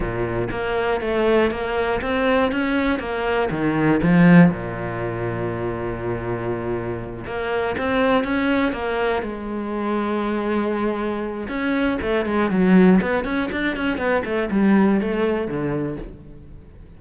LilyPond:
\new Staff \with { instrumentName = "cello" } { \time 4/4 \tempo 4 = 120 ais,4 ais4 a4 ais4 | c'4 cis'4 ais4 dis4 | f4 ais,2.~ | ais,2~ ais,8 ais4 c'8~ |
c'8 cis'4 ais4 gis4.~ | gis2. cis'4 | a8 gis8 fis4 b8 cis'8 d'8 cis'8 | b8 a8 g4 a4 d4 | }